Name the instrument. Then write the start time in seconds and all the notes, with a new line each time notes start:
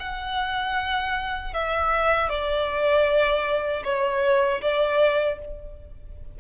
violin
0.00 F#5
1.54 E5
2.30 D5
3.85 C#5
4.62 D5